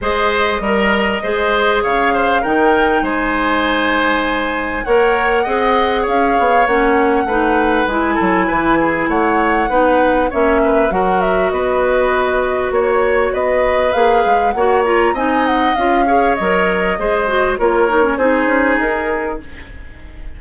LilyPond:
<<
  \new Staff \with { instrumentName = "flute" } { \time 4/4 \tempo 4 = 99 dis''2. f''4 | g''4 gis''2. | fis''2 f''4 fis''4~ | fis''4 gis''2 fis''4~ |
fis''4 e''4 fis''8 e''8 dis''4~ | dis''4 cis''4 dis''4 f''4 | fis''8 ais''8 gis''8 fis''8 f''4 dis''4~ | dis''4 cis''4 c''4 ais'4 | }
  \new Staff \with { instrumentName = "oboe" } { \time 4/4 c''4 ais'4 c''4 cis''8 c''8 | ais'4 c''2. | cis''4 dis''4 cis''2 | b'4. a'8 b'8 gis'8 cis''4 |
b'4 cis''8 b'8 ais'4 b'4~ | b'4 cis''4 b'2 | cis''4 dis''4. cis''4. | c''4 ais'4 gis'2 | }
  \new Staff \with { instrumentName = "clarinet" } { \time 4/4 gis'4 ais'4 gis'2 | dis'1 | ais'4 gis'2 cis'4 | dis'4 e'2. |
dis'4 cis'4 fis'2~ | fis'2. gis'4 | fis'8 f'8 dis'4 f'8 gis'8 ais'4 | gis'8 fis'8 f'8 dis'16 cis'16 dis'2 | }
  \new Staff \with { instrumentName = "bassoon" } { \time 4/4 gis4 g4 gis4 cis4 | dis4 gis2. | ais4 c'4 cis'8 b8 ais4 | a4 gis8 fis8 e4 a4 |
b4 ais4 fis4 b4~ | b4 ais4 b4 ais8 gis8 | ais4 c'4 cis'4 fis4 | gis4 ais4 c'8 cis'8 dis'4 | }
>>